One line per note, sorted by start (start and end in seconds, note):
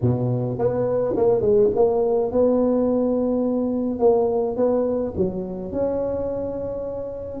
0.01 0.58 B2
0.58 1.15 B3
1.16 1.41 A#3
1.41 1.70 G#3
1.75 2.31 A#3
2.31 3.99 B3
3.99 4.56 A#3
4.56 5.13 B3
5.16 5.72 F#3
5.72 7.40 C#4